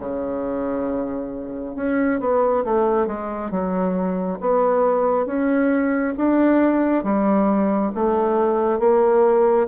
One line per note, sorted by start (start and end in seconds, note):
0.00 1.76 C#3
1.76 2.20 C#4
2.21 2.65 B3
2.65 3.07 A3
3.07 3.51 G#3
3.51 4.40 F#3
4.41 5.26 B3
5.26 6.14 C#4
6.18 7.04 D4
7.04 7.92 G3
7.95 8.80 A3
8.80 9.68 A#3